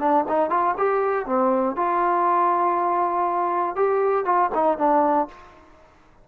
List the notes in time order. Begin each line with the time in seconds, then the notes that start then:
0.00 D4
0.29 D#4
0.50 F4
0.78 G4
1.26 C4
1.77 F4
3.76 G4
4.25 F4
4.55 D#4
4.78 D4